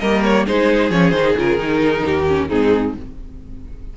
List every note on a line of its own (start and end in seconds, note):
0.00 0.47 G3
0.00 0.47 A#3
0.00 0.46 A#4
0.00 0.23 D#5
0.24 0.47 C#5
0.46 0.91 G#3
0.46 0.92 D#4
0.46 2.04 G#4
0.46 0.91 C5
0.91 1.13 F3
0.91 1.14 C#4
0.91 1.11 C#5
1.11 1.35 D#3
1.11 1.37 D#4
1.11 1.34 C5
1.37 1.58 C#3
1.37 1.59 F4
1.37 2.49 A#4
1.58 2.03 D#3
1.58 2.27 D#4
2.05 2.52 D#2
2.05 2.49 G4
2.28 2.50 C#4
2.49 2.97 G#2
2.49 2.95 C4
2.49 2.94 D#4
2.49 2.94 G#4